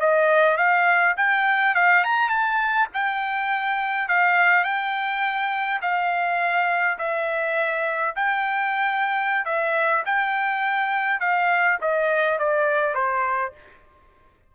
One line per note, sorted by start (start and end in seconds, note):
0.00 0.57 D#5
0.57 1.15 F5
1.17 1.75 G5
1.75 2.04 F5
2.04 2.29 A#5
2.29 2.88 A5
2.94 4.09 G5
4.09 4.64 F5
4.64 5.81 G5
5.82 6.98 F5
6.98 8.15 E5
8.16 9.45 G5
9.45 10.04 E5
10.06 11.20 G5
11.20 11.78 F5
11.81 12.39 D#5
12.39 12.95 D5
12.95 13.53 C5